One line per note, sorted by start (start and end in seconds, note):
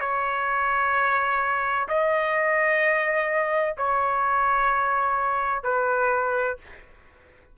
0.00 1.87 C#5
1.88 3.75 D#5
3.77 5.63 C#5
5.63 6.57 B4